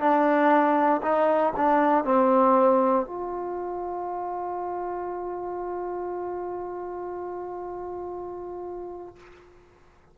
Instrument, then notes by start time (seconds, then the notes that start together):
trombone
0.00 D4
1.03 D#4
1.57 D4
2.05 C4
3.06 F4